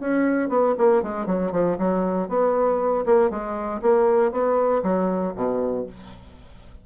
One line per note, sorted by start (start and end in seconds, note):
0.00 0.49 C#4
0.49 0.75 B3
0.78 1.03 A#3
1.03 1.26 G#3
1.26 1.52 F#3
1.52 1.78 F3
1.78 2.29 F#3
2.29 3.05 B3
3.06 3.30 A#3
3.30 3.81 G#3
3.82 4.32 A#3
4.32 4.83 B3
4.83 5.34 F#3
5.35 5.86 B2